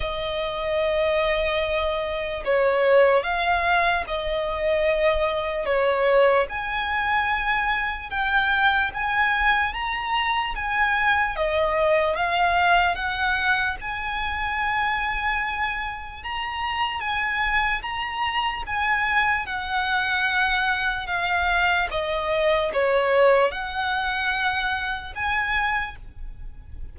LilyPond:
\new Staff \with { instrumentName = "violin" } { \time 4/4 \tempo 4 = 74 dis''2. cis''4 | f''4 dis''2 cis''4 | gis''2 g''4 gis''4 | ais''4 gis''4 dis''4 f''4 |
fis''4 gis''2. | ais''4 gis''4 ais''4 gis''4 | fis''2 f''4 dis''4 | cis''4 fis''2 gis''4 | }